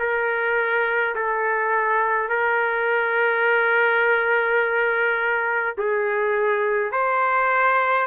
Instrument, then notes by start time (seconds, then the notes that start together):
trumpet
0.00 A#4
1.16 A4
2.30 A#4
5.78 G#4
6.92 C5